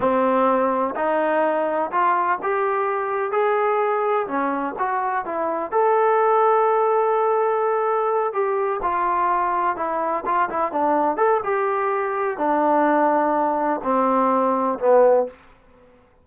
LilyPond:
\new Staff \with { instrumentName = "trombone" } { \time 4/4 \tempo 4 = 126 c'2 dis'2 | f'4 g'2 gis'4~ | gis'4 cis'4 fis'4 e'4 | a'1~ |
a'4. g'4 f'4.~ | f'8 e'4 f'8 e'8 d'4 a'8 | g'2 d'2~ | d'4 c'2 b4 | }